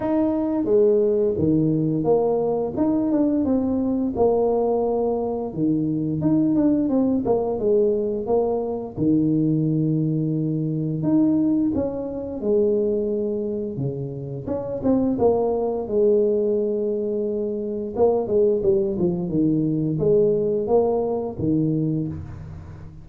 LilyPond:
\new Staff \with { instrumentName = "tuba" } { \time 4/4 \tempo 4 = 87 dis'4 gis4 dis4 ais4 | dis'8 d'8 c'4 ais2 | dis4 dis'8 d'8 c'8 ais8 gis4 | ais4 dis2. |
dis'4 cis'4 gis2 | cis4 cis'8 c'8 ais4 gis4~ | gis2 ais8 gis8 g8 f8 | dis4 gis4 ais4 dis4 | }